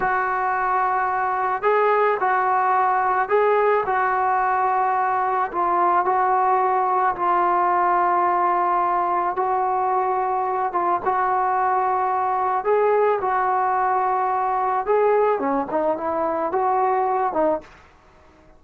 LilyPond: \new Staff \with { instrumentName = "trombone" } { \time 4/4 \tempo 4 = 109 fis'2. gis'4 | fis'2 gis'4 fis'4~ | fis'2 f'4 fis'4~ | fis'4 f'2.~ |
f'4 fis'2~ fis'8 f'8 | fis'2. gis'4 | fis'2. gis'4 | cis'8 dis'8 e'4 fis'4. dis'8 | }